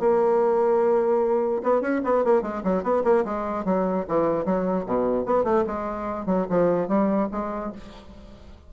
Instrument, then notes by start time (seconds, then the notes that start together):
bassoon
0.00 A#3
1.63 B3
1.81 C#4
2.04 B3
2.24 A#3
2.42 G#3
2.64 F#3
2.83 B3
3.04 A#3
3.25 G#3
3.65 F#3
4.08 E3
4.45 F#3
4.86 B2
5.26 B3
5.44 A3
5.67 G#3
6.26 F#3
6.50 F3
6.88 G3
7.32 G#3